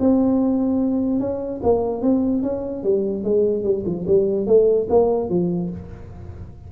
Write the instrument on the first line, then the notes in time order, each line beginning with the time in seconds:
tuba
0.00 C4
1.20 C#4
1.63 A#3
2.02 C4
2.43 C#4
2.84 G3
3.24 G#3
3.64 G3
3.86 F3
4.07 G3
4.47 A3
4.90 A#3
5.30 F3